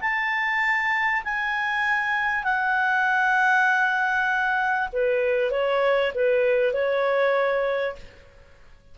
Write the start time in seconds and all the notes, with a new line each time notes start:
0.00 A5
1.24 G#5
2.44 F#5
4.92 B4
5.51 C#5
6.14 B4
6.73 C#5